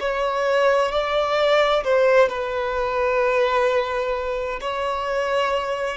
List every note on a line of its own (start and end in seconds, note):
0.00 0.91 C#5
0.91 1.84 D5
1.84 2.29 C5
2.29 4.60 B4
4.61 5.97 C#5